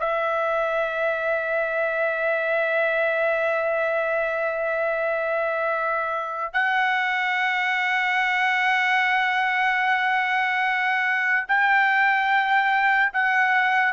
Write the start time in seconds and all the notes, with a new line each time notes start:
0.00 E5
6.53 F#5
11.48 G5
13.14 F#5